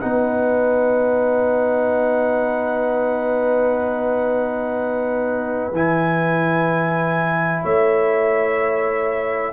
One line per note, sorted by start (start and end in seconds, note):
0.00 5.72 B3
0.00 5.72 D#4
0.00 7.62 B4
0.00 5.71 F#5
5.72 7.62 E3
5.72 9.53 E4
5.72 7.65 G#5
7.62 9.53 A3
7.62 9.53 C#5
7.62 9.53 E5